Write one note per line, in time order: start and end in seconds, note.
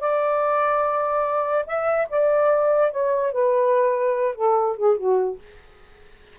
0.00 1.66 D5
1.66 2.08 E5
2.10 2.91 D5
2.91 3.32 C#5
3.32 4.35 B4
4.35 4.77 A4
4.77 4.97 G#4
4.97 5.39 F#4